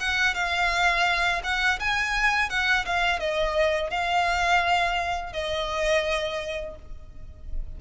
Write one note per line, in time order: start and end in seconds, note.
0.00 0.34 F#5
0.34 1.42 F5
1.44 1.79 F#5
1.80 2.49 G#5
2.49 2.85 F#5
2.85 3.19 F5
3.19 3.90 D#5
3.90 5.32 F5
5.32 6.75 D#5